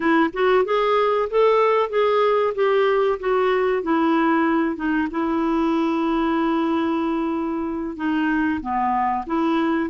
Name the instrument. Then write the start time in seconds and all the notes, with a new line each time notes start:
clarinet
0.00 E4
0.33 F#4
0.64 G#4
1.30 A4
1.89 G#4
2.54 G4
3.19 F#4
3.83 E4
4.76 D#4
5.11 E4
7.96 D#4
8.61 B3
9.26 E4